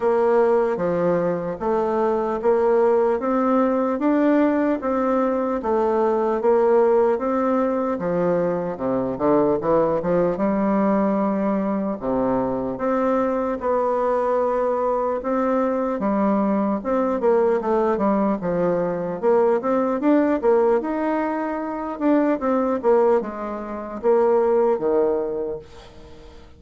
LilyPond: \new Staff \with { instrumentName = "bassoon" } { \time 4/4 \tempo 4 = 75 ais4 f4 a4 ais4 | c'4 d'4 c'4 a4 | ais4 c'4 f4 c8 d8 | e8 f8 g2 c4 |
c'4 b2 c'4 | g4 c'8 ais8 a8 g8 f4 | ais8 c'8 d'8 ais8 dis'4. d'8 | c'8 ais8 gis4 ais4 dis4 | }